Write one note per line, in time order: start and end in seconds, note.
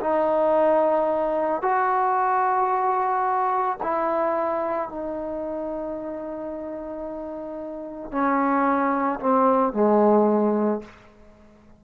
0.00 1.62 D#4
1.62 3.78 F#4
3.82 4.89 E4
4.89 8.11 D#4
8.11 9.19 C#4
9.20 9.73 C4
9.73 10.81 G#3